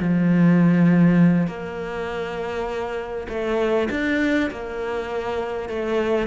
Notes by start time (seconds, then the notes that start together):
0.00 F3
1.48 A#3
3.29 A3
3.91 D4
4.51 A#3
5.70 A3